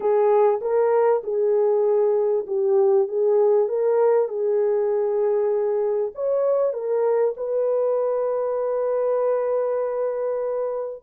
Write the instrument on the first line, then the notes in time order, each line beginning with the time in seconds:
horn
0.00 G#4
0.61 A#4
1.23 G#4
2.46 G4
3.08 G#4
3.68 A#4
4.28 G#4
6.14 C#5
6.73 A#4
7.36 B4